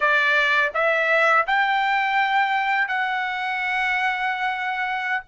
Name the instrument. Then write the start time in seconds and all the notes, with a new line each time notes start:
trumpet
0.00 D5
0.74 E5
1.46 G5
2.88 F#5